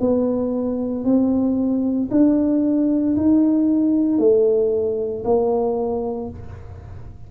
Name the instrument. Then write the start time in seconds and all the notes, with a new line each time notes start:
tuba
0.00 B3
1.04 C4
2.11 D4
3.16 D#4
4.18 A3
5.24 A#3